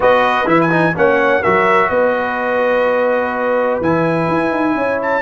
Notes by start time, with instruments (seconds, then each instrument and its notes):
0.00 tuba B3, trombone F#4, horn B4, trumpet D#5
0.45 tuba E3, trombone E4, trumpet E5
0.61 trumpet G#5
0.69 trombone D#4
0.95 tuba A#3, trombone C#4, horn C#5, trumpet F#5
1.41 tuba F#3, trombone F#4, horn A#4, trumpet E5
1.89 tuba B3, horn B4, trumpet D#5
3.80 tuba E3, trombone E4, trumpet G#5
4.28 tuba E4
4.51 tuba D#4
4.75 tuba C#4, horn C#5
5.02 trumpet A5